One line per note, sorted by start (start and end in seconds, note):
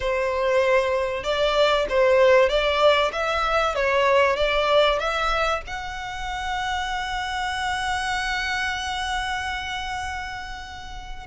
0.00 1.23 C5
1.23 1.86 D5
1.89 2.49 C5
2.49 3.11 D5
3.12 3.75 E5
3.75 4.36 C#5
4.36 4.99 D5
4.99 5.61 E5
5.66 11.26 F#5